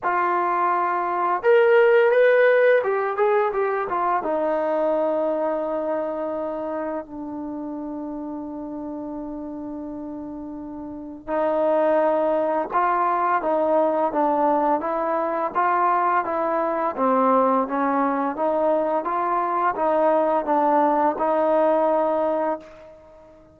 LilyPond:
\new Staff \with { instrumentName = "trombone" } { \time 4/4 \tempo 4 = 85 f'2 ais'4 b'4 | g'8 gis'8 g'8 f'8 dis'2~ | dis'2 d'2~ | d'1 |
dis'2 f'4 dis'4 | d'4 e'4 f'4 e'4 | c'4 cis'4 dis'4 f'4 | dis'4 d'4 dis'2 | }